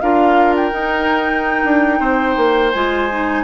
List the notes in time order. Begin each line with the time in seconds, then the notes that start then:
0.00 D4 F4 A#4 F5
0.55 G5
0.71 D#4
1.64 D4
1.99 C4 C5
2.36 A#3
2.72 G#3 F4 G#5
3.11 D#4